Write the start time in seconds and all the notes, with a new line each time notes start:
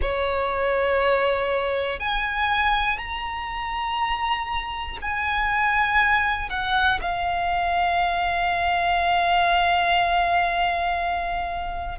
0.01 C#5
2.00 G#5
2.97 A#5
5.01 G#5
6.50 F#5
7.01 F5